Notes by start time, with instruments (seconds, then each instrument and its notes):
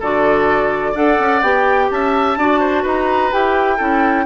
0.00 bassoon D3, clarinet F#4, oboe A4, flute D5
0.92 bassoon D4, clarinet A4, oboe D5, flute F#5
1.20 bassoon C#4
1.42 bassoon B3, clarinet G4, flute G5
1.91 bassoon C#4, oboe E5, flute A5
2.37 bassoon D4, clarinet F#4, oboe D5
2.60 oboe C5
2.83 bassoon D#4, oboe B4, flute A#5
3.31 bassoon E4, clarinet G4, flute G5
3.77 bassoon C#4, clarinet E4, oboe A4